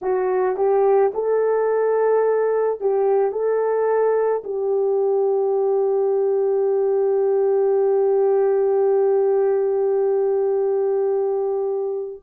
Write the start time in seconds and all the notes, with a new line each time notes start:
0.02 F#4
0.56 G4
1.14 A4
2.80 G4
3.31 A4
4.43 G4